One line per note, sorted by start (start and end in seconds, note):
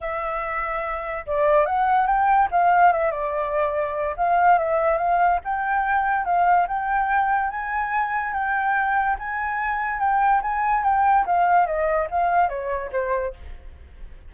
0.00 1.25 E5
1.26 1.65 D5
1.65 2.06 F#5
2.06 2.48 G5
2.51 2.92 F5
2.92 3.11 E5
3.11 4.15 D5
4.16 4.58 F5
4.58 4.97 E5
4.97 5.39 F5
5.44 6.25 G5
6.25 6.66 F5
6.67 7.50 G5
7.50 8.33 G#5
8.33 9.16 G5
9.19 9.99 G#5
9.99 10.41 G5
10.41 10.83 G#5
10.83 11.25 G5
11.26 11.66 F5
11.66 12.08 D#5
12.10 12.48 F5
12.48 12.90 C#5
12.92 13.33 C5